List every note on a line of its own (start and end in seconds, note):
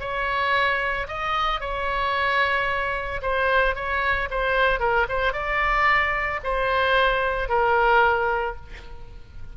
0.00 1.07 C#5
1.08 1.61 D#5
1.61 3.21 C#5
3.22 3.75 C5
3.75 4.29 C#5
4.31 4.80 C5
4.80 5.06 A#4
5.09 5.33 C5
5.33 6.40 D5
6.44 7.49 C5
7.49 8.56 A#4